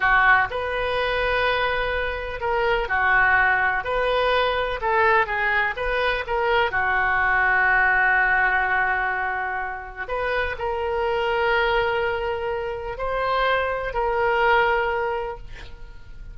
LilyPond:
\new Staff \with { instrumentName = "oboe" } { \time 4/4 \tempo 4 = 125 fis'4 b'2.~ | b'4 ais'4 fis'2 | b'2 a'4 gis'4 | b'4 ais'4 fis'2~ |
fis'1~ | fis'4 b'4 ais'2~ | ais'2. c''4~ | c''4 ais'2. | }